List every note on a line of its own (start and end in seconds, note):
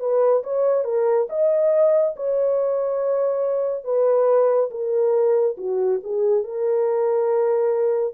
0.00 0.43 B4
0.43 0.85 C#5
0.85 1.27 A#4
1.29 2.15 D#5
2.16 3.84 C#5
3.84 4.70 B4
4.71 5.56 A#4
5.58 6.00 F#4
6.04 6.44 G#4
6.44 8.14 A#4